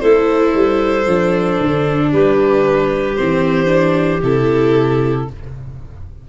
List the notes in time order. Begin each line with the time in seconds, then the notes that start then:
0.00 A3 E4 A4 C5
0.55 G3
1.07 F3 D4
1.61 D3
2.12 G3 G4 B4
3.15 E3 C4 C5
3.67 D4
4.23 C3 E4 A4